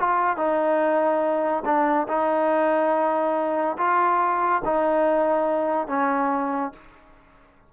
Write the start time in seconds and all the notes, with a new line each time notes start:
0.00 F4
0.37 D#4
1.66 D4
2.08 D#4
3.78 F4
4.65 D#4
5.88 C#4